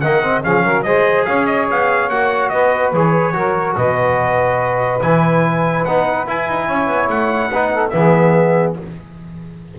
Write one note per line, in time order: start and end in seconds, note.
0.00 0.44 D#3
0.00 0.22 A#3
0.00 0.43 D#5
0.00 0.42 F#5
0.22 0.43 C4
0.43 0.63 F3
0.43 0.84 C#4
0.43 0.64 G#4
0.43 0.83 F5
0.63 0.84 F#3
0.63 0.85 A#4
0.83 1.26 G#3
0.83 2.11 G#4
0.83 1.27 C5
0.83 1.24 D#5
1.25 1.69 C#4
1.25 2.52 C#5
1.25 1.46 F5
1.46 1.67 D#5
1.70 2.09 B3
1.70 2.09 F5
2.09 2.50 A#3
2.09 2.94 F#4
2.09 2.49 F#5
2.49 2.92 B3
2.49 3.34 B4
2.49 2.90 D#5
2.92 3.34 E3
2.92 3.33 G#4
2.92 3.76 C#5
3.33 3.76 F#3
3.33 5.00 F#4
3.33 3.75 A#4
3.76 5.01 B2
3.76 6.67 B4
3.76 5.01 D#5
5.01 5.85 E3
5.01 5.85 E4
5.01 5.84 G#5
5.84 6.27 B3
5.84 6.27 D#4
5.84 6.26 F#5
6.27 7.52 E4
6.27 6.48 E4
6.27 7.09 G#5
6.48 6.68 D#4
6.67 6.87 C#4
6.67 7.50 C#5
6.87 7.08 B3
7.09 7.50 A3
7.09 7.89 F#5
7.50 7.92 B3
7.50 7.91 D#4
7.50 7.71 B4
7.73 7.94 A4
7.89 8.77 E3
7.89 8.75 B3
7.89 8.73 E5
7.96 8.79 G#4